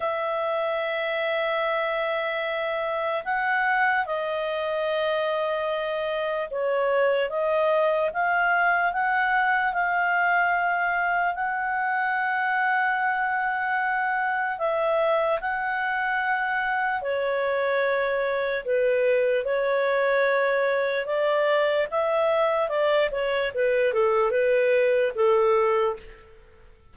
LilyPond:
\new Staff \with { instrumentName = "clarinet" } { \time 4/4 \tempo 4 = 74 e''1 | fis''4 dis''2. | cis''4 dis''4 f''4 fis''4 | f''2 fis''2~ |
fis''2 e''4 fis''4~ | fis''4 cis''2 b'4 | cis''2 d''4 e''4 | d''8 cis''8 b'8 a'8 b'4 a'4 | }